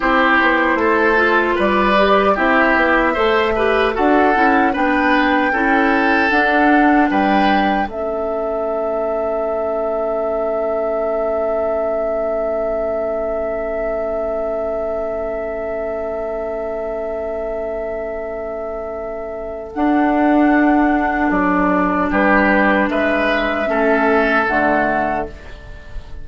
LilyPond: <<
  \new Staff \with { instrumentName = "flute" } { \time 4/4 \tempo 4 = 76 c''2 d''4 e''4~ | e''4 fis''4 g''2 | fis''4 g''4 e''2~ | e''1~ |
e''1~ | e''1~ | e''4 fis''2 d''4 | b'4 e''2 fis''4 | }
  \new Staff \with { instrumentName = "oboe" } { \time 4/4 g'4 a'4 b'4 g'4 | c''8 b'8 a'4 b'4 a'4~ | a'4 b'4 a'2~ | a'1~ |
a'1~ | a'1~ | a'1 | g'4 b'4 a'2 | }
  \new Staff \with { instrumentName = "clarinet" } { \time 4/4 e'4. f'4 g'8 e'4 | a'8 g'8 fis'8 e'8 d'4 e'4 | d'2 cis'2~ | cis'1~ |
cis'1~ | cis'1~ | cis'4 d'2.~ | d'2 cis'4 a4 | }
  \new Staff \with { instrumentName = "bassoon" } { \time 4/4 c'8 b8 a4 g4 c'8 b8 | a4 d'8 cis'8 b4 cis'4 | d'4 g4 a2~ | a1~ |
a1~ | a1~ | a4 d'2 fis4 | g4 gis4 a4 d4 | }
>>